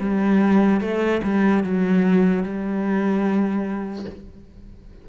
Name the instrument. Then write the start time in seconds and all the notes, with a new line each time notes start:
cello
0.00 G3
0.81 A3
1.24 G3
1.64 F#3
2.44 G3